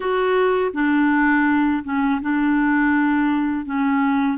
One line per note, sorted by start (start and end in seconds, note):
0.00 0.71 F#4
0.73 1.83 D4
1.84 2.20 C#4
2.21 3.66 D4
3.66 4.37 C#4